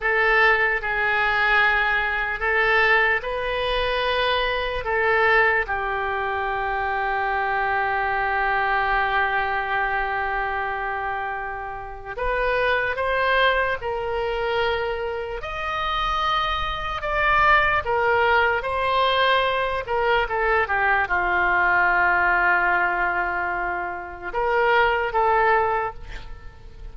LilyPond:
\new Staff \with { instrumentName = "oboe" } { \time 4/4 \tempo 4 = 74 a'4 gis'2 a'4 | b'2 a'4 g'4~ | g'1~ | g'2. b'4 |
c''4 ais'2 dis''4~ | dis''4 d''4 ais'4 c''4~ | c''8 ais'8 a'8 g'8 f'2~ | f'2 ais'4 a'4 | }